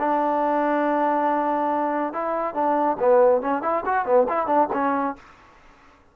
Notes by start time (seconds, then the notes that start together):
0.00 D4
2.13 E4
2.55 D4
3.00 B3
3.42 C#4
3.63 E4
3.86 F#4
4.06 B3
4.29 E4
4.47 D4
4.73 C#4